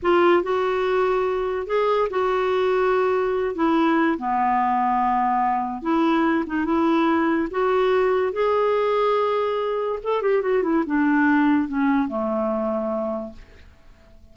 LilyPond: \new Staff \with { instrumentName = "clarinet" } { \time 4/4 \tempo 4 = 144 f'4 fis'2. | gis'4 fis'2.~ | fis'8 e'4. b2~ | b2 e'4. dis'8 |
e'2 fis'2 | gis'1 | a'8 g'8 fis'8 e'8 d'2 | cis'4 a2. | }